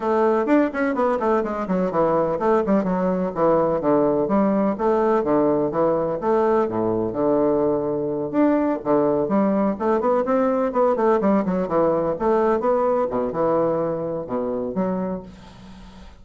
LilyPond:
\new Staff \with { instrumentName = "bassoon" } { \time 4/4 \tempo 4 = 126 a4 d'8 cis'8 b8 a8 gis8 fis8 | e4 a8 g8 fis4 e4 | d4 g4 a4 d4 | e4 a4 a,4 d4~ |
d4. d'4 d4 g8~ | g8 a8 b8 c'4 b8 a8 g8 | fis8 e4 a4 b4 b,8 | e2 b,4 fis4 | }